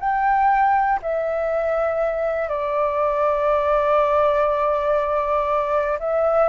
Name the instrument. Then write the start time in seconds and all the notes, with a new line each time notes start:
flute
0.00 G5
1.02 E5
2.49 D5
6.00 E5